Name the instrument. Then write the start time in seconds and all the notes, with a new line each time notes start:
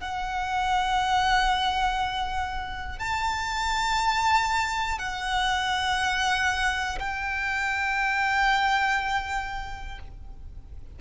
violin
0.00 F#5
2.99 A5
4.98 F#5
6.99 G5